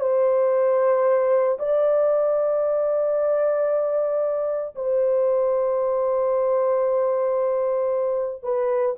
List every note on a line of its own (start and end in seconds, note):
0.00 1.58 C5
1.59 4.75 D5
4.75 8.43 C5
8.43 8.95 B4